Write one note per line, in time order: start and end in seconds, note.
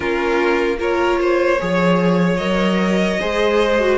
0.00 1.59 A#3
0.00 0.76 C#4
0.00 0.77 F4
0.00 0.78 A#4
0.78 1.58 F4
0.78 1.19 A#4
0.78 2.36 C#5
1.21 1.61 C5
1.59 2.39 F3
1.59 2.39 G#4
1.59 3.20 C#5
2.36 3.19 F#3
2.36 3.19 A#4
2.36 3.96 D#5
3.20 3.98 G#3
3.20 3.79 G#4
3.20 3.98 C5
3.79 3.98 F#4